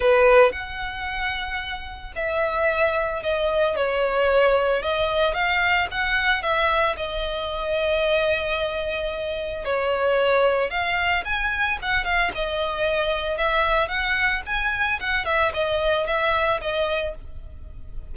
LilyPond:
\new Staff \with { instrumentName = "violin" } { \time 4/4 \tempo 4 = 112 b'4 fis''2. | e''2 dis''4 cis''4~ | cis''4 dis''4 f''4 fis''4 | e''4 dis''2.~ |
dis''2 cis''2 | f''4 gis''4 fis''8 f''8 dis''4~ | dis''4 e''4 fis''4 gis''4 | fis''8 e''8 dis''4 e''4 dis''4 | }